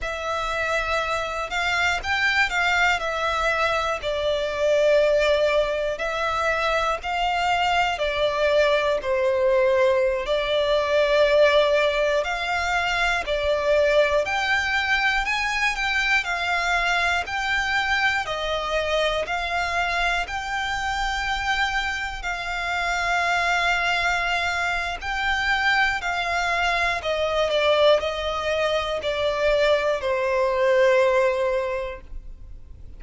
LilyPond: \new Staff \with { instrumentName = "violin" } { \time 4/4 \tempo 4 = 60 e''4. f''8 g''8 f''8 e''4 | d''2 e''4 f''4 | d''4 c''4~ c''16 d''4.~ d''16~ | d''16 f''4 d''4 g''4 gis''8 g''16~ |
g''16 f''4 g''4 dis''4 f''8.~ | f''16 g''2 f''4.~ f''16~ | f''4 g''4 f''4 dis''8 d''8 | dis''4 d''4 c''2 | }